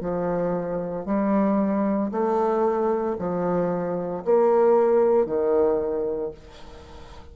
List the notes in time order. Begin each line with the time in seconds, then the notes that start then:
0.00 F3
1.05 G3
2.11 A3
3.18 F3
4.24 A#3
5.26 D#3